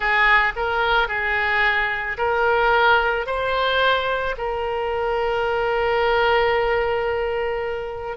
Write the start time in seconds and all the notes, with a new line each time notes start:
0.00 G#4
0.56 A#4
1.08 G#4
2.17 A#4
3.26 C5
4.37 A#4